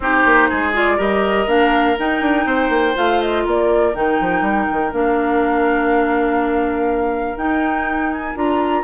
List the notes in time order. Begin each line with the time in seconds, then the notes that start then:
0.00 C4 D#4 G4 C5
0.25 A#3
0.49 G#3 G#4
0.73 F4 D5
0.97 G3 G4 A#4 D#5
1.46 A#3 D4 F5
1.98 D#4 G5
2.21 D4
2.45 C4 C5
2.69 A#3
2.94 A3 F4 F5
3.21 D#5
3.44 A#3 A#4 D5
3.93 D#3 D#4 G5
4.20 F3
4.41 G3
4.71 D#3
4.92 A#3 D4 F5
7.36 D#4 G5
8.11 G#5
8.35 D4 F4 A#5